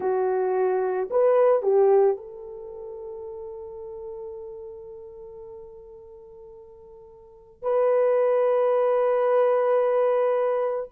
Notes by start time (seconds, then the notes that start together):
0.00 F#4
1.10 B4
1.62 G4
2.17 A4
7.62 B4